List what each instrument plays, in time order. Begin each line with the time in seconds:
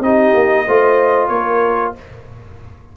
0.00 tuba C4, trombone D#4, horn G4, trumpet D#5
0.34 tuba A#3
0.66 tuba A3, trombone F4, horn C5
1.28 tuba A#3, horn A#4, trumpet C#5